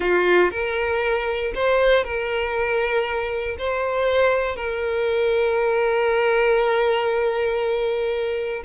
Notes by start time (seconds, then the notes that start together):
0.00 F4
0.51 A#4
1.55 C5
2.04 A#4
3.58 C5
4.56 A#4